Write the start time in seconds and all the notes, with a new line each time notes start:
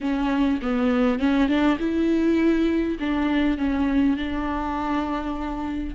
0.01 C#4
0.62 B3
1.19 C#4
1.48 D4
1.79 E4
2.99 D4
3.57 C#4
4.16 D4